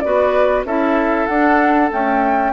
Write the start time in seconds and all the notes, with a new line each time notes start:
0.00 B3 F#4 B4 D5
0.65 C#4 E4 A4 E5
1.27 D4 F#5
1.91 A3 C#4 G5